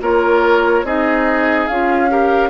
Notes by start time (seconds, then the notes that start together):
0.00 A#3 F4 A#4 C#5
0.83 C4 D#4 G#4 D#5
1.67 C#4 F4 F5
2.09 G4 A#4